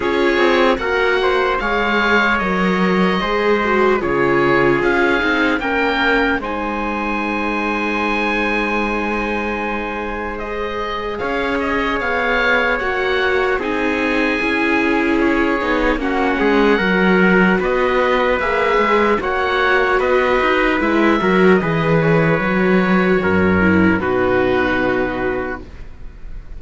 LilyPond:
<<
  \new Staff \with { instrumentName = "oboe" } { \time 4/4 \tempo 4 = 75 cis''4 fis''4 f''4 dis''4~ | dis''4 cis''4 f''4 g''4 | gis''1~ | gis''4 dis''4 f''8 dis''8 f''4 |
fis''4 gis''2 cis''4 | fis''2 dis''4 e''4 | fis''4 dis''4 e''4 dis''8 cis''8~ | cis''2 b'2 | }
  \new Staff \with { instrumentName = "trumpet" } { \time 4/4 gis'4 ais'8 c''8 cis''2 | c''4 gis'2 ais'4 | c''1~ | c''2 cis''2~ |
cis''4 gis'2. | fis'8 gis'8 ais'4 b'2 | cis''4 b'4. ais'8 b'4~ | b'4 ais'4 fis'2 | }
  \new Staff \with { instrumentName = "viola" } { \time 4/4 f'4 fis'4 gis'4 ais'4 | gis'8 fis'8 f'4. dis'8 cis'4 | dis'1~ | dis'4 gis'2. |
fis'4 dis'4 e'4. dis'8 | cis'4 fis'2 gis'4 | fis'2 e'8 fis'8 gis'4 | fis'4. e'8 dis'2 | }
  \new Staff \with { instrumentName = "cello" } { \time 4/4 cis'8 c'8 ais4 gis4 fis4 | gis4 cis4 cis'8 c'8 ais4 | gis1~ | gis2 cis'4 b4 |
ais4 c'4 cis'4. b8 | ais8 gis8 fis4 b4 ais8 gis8 | ais4 b8 dis'8 gis8 fis8 e4 | fis4 fis,4 b,2 | }
>>